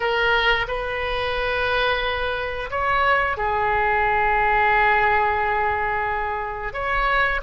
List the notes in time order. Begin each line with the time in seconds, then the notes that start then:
0.00 A#4
0.67 B4
2.70 C#5
3.37 G#4
6.73 C#5